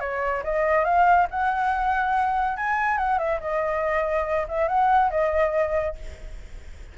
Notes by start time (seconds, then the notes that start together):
0.00 C#5
0.44 D#5
0.84 F5
1.30 F#5
2.57 G#5
2.97 F#5
3.18 E5
3.40 D#5
4.48 E5
4.68 F#5
5.10 D#5